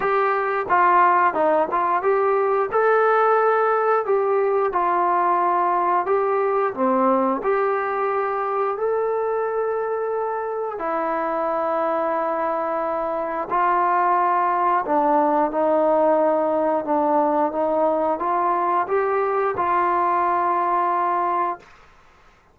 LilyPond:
\new Staff \with { instrumentName = "trombone" } { \time 4/4 \tempo 4 = 89 g'4 f'4 dis'8 f'8 g'4 | a'2 g'4 f'4~ | f'4 g'4 c'4 g'4~ | g'4 a'2. |
e'1 | f'2 d'4 dis'4~ | dis'4 d'4 dis'4 f'4 | g'4 f'2. | }